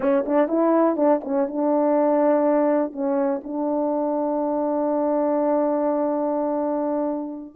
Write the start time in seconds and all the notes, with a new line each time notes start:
0.00 C#4
0.26 D4
0.48 E4
0.96 D4
1.24 C#4
1.47 D4
2.92 C#4
3.43 D4